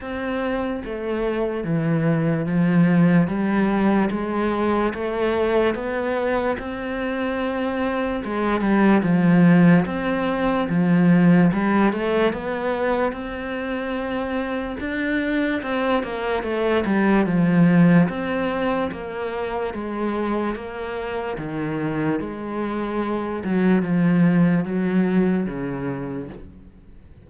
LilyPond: \new Staff \with { instrumentName = "cello" } { \time 4/4 \tempo 4 = 73 c'4 a4 e4 f4 | g4 gis4 a4 b4 | c'2 gis8 g8 f4 | c'4 f4 g8 a8 b4 |
c'2 d'4 c'8 ais8 | a8 g8 f4 c'4 ais4 | gis4 ais4 dis4 gis4~ | gis8 fis8 f4 fis4 cis4 | }